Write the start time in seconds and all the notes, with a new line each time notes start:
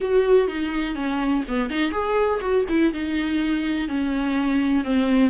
0.00 F#4
0.47 D#4
0.95 C#4
1.48 B3
1.70 D#4
1.91 G#4
2.40 F#4
2.69 E4
2.93 D#4
3.88 C#4
4.84 C4